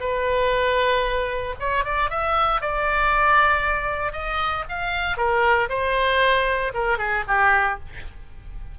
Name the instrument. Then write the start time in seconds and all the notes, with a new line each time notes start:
oboe
0.00 B4
1.60 C#5
1.84 D5
2.10 E5
2.61 D5
4.13 D#5
4.69 F5
5.17 A#4
5.69 C5
6.74 A#4
6.98 G#4
7.27 G4